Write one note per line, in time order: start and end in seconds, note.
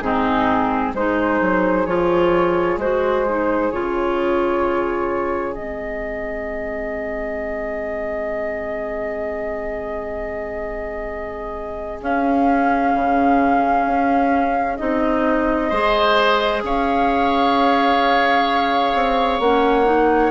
0.00 0.93 G#2
0.00 0.95 C4
0.00 0.95 D#4
0.00 0.92 G#4
0.94 1.40 G#3
0.94 1.87 D#4
0.94 15.69 G#4
0.94 1.86 C5
1.41 1.86 F#3
1.86 2.77 F3
1.86 2.79 F4
1.86 2.79 C#5
2.77 3.70 G#3
2.77 3.27 F#4
2.77 3.72 C5
3.28 3.73 D#4
3.72 5.57 C#3
3.72 5.56 F4
3.72 5.54 C#5
5.54 12.01 G#3
5.54 12.02 C4
5.54 12.00 D#5
12.01 12.93 C#4
12.01 14.79 C#4
12.01 14.77 F5
12.94 13.86 C#3
13.86 14.78 C#4
14.77 15.71 C4
14.77 15.71 D#4
14.77 16.62 D#5
15.69 16.63 G#3
15.69 19.42 G#4
15.69 16.62 C5
16.63 18.94 C#4
16.63 20.31 C#5
16.63 19.40 F5
18.94 19.39 C4
19.39 20.31 A#3
19.39 19.85 C#4
19.39 20.31 F#5
19.85 20.31 D#4